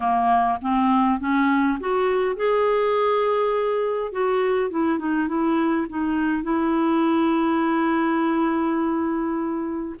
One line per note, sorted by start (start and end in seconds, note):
0.00 0.58 A#3
0.61 1.19 C4
1.19 1.78 C#4
1.79 2.36 F#4
2.36 4.12 G#4
4.12 4.70 F#4
4.70 4.98 E4
4.98 5.28 D#4
5.28 5.87 E4
5.89 6.43 D#4
6.43 9.96 E4